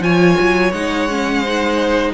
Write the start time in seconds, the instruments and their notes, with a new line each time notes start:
0.00 cello F3, viola F4, violin C#5 G#5
0.40 cello F#3
0.72 cello G#3, viola D#4, violin F#5
1.09 viola C#4
1.42 viola D#4, violin C5